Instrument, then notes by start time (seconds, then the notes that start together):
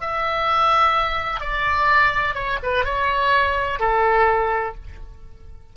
oboe
0.00 E5
1.40 D5
2.34 C#5
2.62 B4
2.85 C#5
3.79 A4